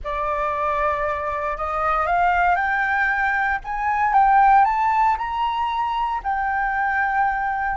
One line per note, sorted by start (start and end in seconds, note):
0.04 1.57 D5
1.57 2.06 D#5
2.06 2.55 F5
2.55 3.59 G5
3.64 4.13 G#5
4.13 4.65 G5
4.65 5.16 A5
5.17 6.21 A#5
6.23 7.76 G5